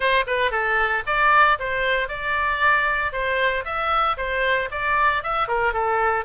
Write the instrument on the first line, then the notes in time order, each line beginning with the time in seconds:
oboe
0.00 C5
0.26 B4
0.51 A4
1.06 D5
1.59 C5
2.08 D5
3.12 C5
3.64 E5
4.17 C5
4.71 D5
5.23 E5
5.48 A#4
5.72 A4